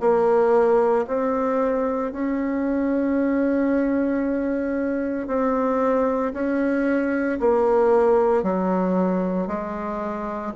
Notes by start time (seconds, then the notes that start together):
0.00 A#3
1.07 C4
2.12 C#4
5.27 C4
6.33 C#4
7.40 A#3
8.43 F#3
9.47 G#3